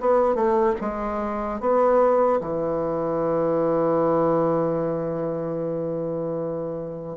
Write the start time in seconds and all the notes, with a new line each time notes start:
0.00 B3
0.35 A3
0.81 G#3
1.60 B3
2.40 E3